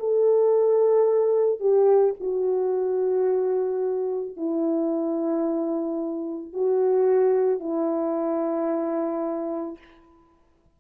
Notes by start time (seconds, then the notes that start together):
0.00 A4
1.60 G4
2.21 F#4
4.37 E4
6.54 F#4
7.60 E4